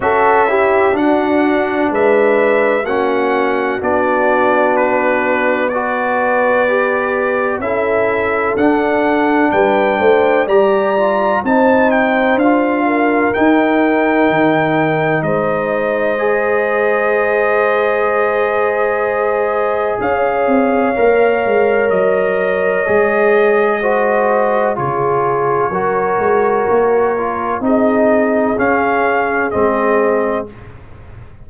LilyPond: <<
  \new Staff \with { instrumentName = "trumpet" } { \time 4/4 \tempo 4 = 63 e''4 fis''4 e''4 fis''4 | d''4 b'4 d''2 | e''4 fis''4 g''4 ais''4 | a''8 g''8 f''4 g''2 |
dis''1~ | dis''4 f''2 dis''4~ | dis''2 cis''2~ | cis''4 dis''4 f''4 dis''4 | }
  \new Staff \with { instrumentName = "horn" } { \time 4/4 a'8 g'8 fis'4 b'4 fis'4~ | fis'2 b'2 | a'2 b'8 c''8 d''4 | c''4. ais'2~ ais'8 |
c''1~ | c''4 cis''2.~ | cis''4 c''4 gis'4 ais'4~ | ais'4 gis'2. | }
  \new Staff \with { instrumentName = "trombone" } { \time 4/4 fis'8 e'8 d'2 cis'4 | d'2 fis'4 g'4 | e'4 d'2 g'8 f'8 | dis'4 f'4 dis'2~ |
dis'4 gis'2.~ | gis'2 ais'2 | gis'4 fis'4 f'4 fis'4~ | fis'8 f'8 dis'4 cis'4 c'4 | }
  \new Staff \with { instrumentName = "tuba" } { \time 4/4 cis'4 d'4 gis4 ais4 | b1 | cis'4 d'4 g8 a8 g4 | c'4 d'4 dis'4 dis4 |
gis1~ | gis4 cis'8 c'8 ais8 gis8 fis4 | gis2 cis4 fis8 gis8 | ais4 c'4 cis'4 gis4 | }
>>